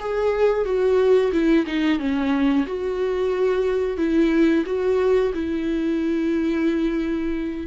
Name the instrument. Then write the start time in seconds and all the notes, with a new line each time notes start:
viola
0.00 G#4
0.65 F#4
1.32 E4
1.67 D#4
1.99 C#4
2.67 F#4
3.98 E4
4.66 F#4
5.34 E4